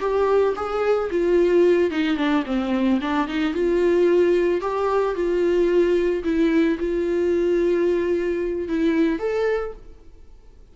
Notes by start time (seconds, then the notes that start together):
0.00 G4
0.56 G#4
1.11 F4
1.91 D#4
2.17 D4
2.46 C4
3.01 D4
3.28 D#4
3.54 F4
4.61 G4
5.15 F4
6.24 E4
6.79 F4
8.69 E4
9.19 A4